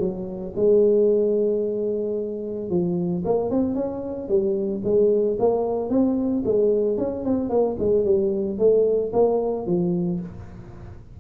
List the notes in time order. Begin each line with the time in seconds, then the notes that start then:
0.00 F#3
0.56 G#3
2.70 F3
3.25 A#3
3.51 C4
3.75 C#4
4.29 G3
4.84 G#3
5.40 A#3
5.90 C4
6.46 G#3
6.98 C#4
7.25 C4
7.50 A#3
7.79 G#3
8.05 G3
8.59 A3
9.13 A#3
9.67 F3